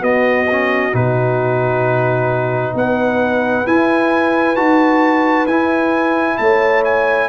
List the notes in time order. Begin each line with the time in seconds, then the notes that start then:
0.00 B3 F#4 D#5
0.51 C#4
0.92 B2 D#4 B4
2.74 B3 B4 F#5
3.66 E4 G#5
4.55 D#4 F#4 A5
5.47 E4 G#5
6.37 A3 C#5 A5
6.84 G#5